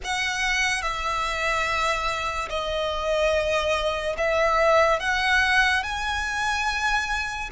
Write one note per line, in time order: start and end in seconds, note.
0.03 0.81 F#5
0.81 2.48 E5
2.49 4.16 D#5
4.17 4.99 E5
4.99 5.83 F#5
5.83 7.50 G#5